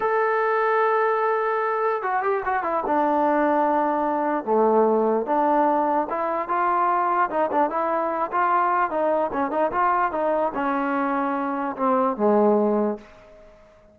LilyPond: \new Staff \with { instrumentName = "trombone" } { \time 4/4 \tempo 4 = 148 a'1~ | a'4 fis'8 g'8 fis'8 e'8 d'4~ | d'2. a4~ | a4 d'2 e'4 |
f'2 dis'8 d'8 e'4~ | e'8 f'4. dis'4 cis'8 dis'8 | f'4 dis'4 cis'2~ | cis'4 c'4 gis2 | }